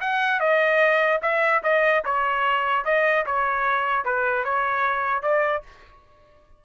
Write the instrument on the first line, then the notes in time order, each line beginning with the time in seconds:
trumpet
0.00 F#5
0.40 D#5
1.22 E5
1.63 D#5
2.05 C#5
2.85 D#5
3.26 C#5
4.05 B4
4.44 C#5
5.22 D5